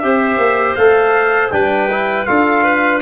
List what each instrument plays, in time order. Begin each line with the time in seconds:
0.00 tuba C4, trombone G4, clarinet C5, trumpet E5
0.38 tuba A#3
0.76 tuba A3, trombone A4, trumpet F5
1.51 tuba G3, trombone D4, clarinet B4, trumpet G5
1.91 trombone E4
2.26 tuba D4, trombone F4, clarinet A4, trumpet F5
2.64 clarinet B4